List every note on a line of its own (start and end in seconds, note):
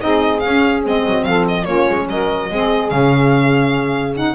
0.00 0.45 C4
0.00 0.41 D#4
0.00 1.27 G#4
0.00 0.40 D#5
0.40 0.84 C#4
0.40 0.86 C#4
0.40 0.81 F5
0.84 1.06 G#3
0.84 1.66 C4
0.84 1.24 D#5
1.06 1.26 F#3
1.24 1.67 F3
1.24 1.65 A4
1.24 1.45 F5
1.48 1.65 D#5
1.65 1.87 A#3
1.65 2.48 C#4
1.65 2.06 F4
1.65 2.06 C#5
1.90 2.09 G#3
2.09 2.51 F#3
2.09 2.53 A#4
2.09 2.90 D#5
2.51 2.92 G#3
2.51 2.92 C4
2.51 4.35 G#4
2.90 4.35 C#3
2.90 4.16 C#4
2.90 4.14 F5
4.16 4.35 D#4
4.16 4.35 F#5